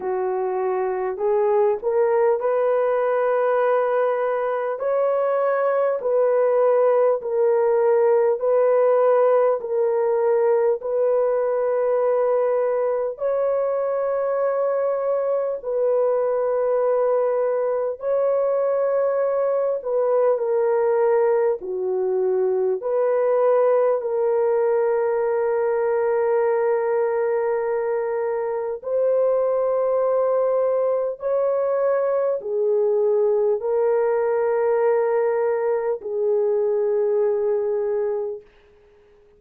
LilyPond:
\new Staff \with { instrumentName = "horn" } { \time 4/4 \tempo 4 = 50 fis'4 gis'8 ais'8 b'2 | cis''4 b'4 ais'4 b'4 | ais'4 b'2 cis''4~ | cis''4 b'2 cis''4~ |
cis''8 b'8 ais'4 fis'4 b'4 | ais'1 | c''2 cis''4 gis'4 | ais'2 gis'2 | }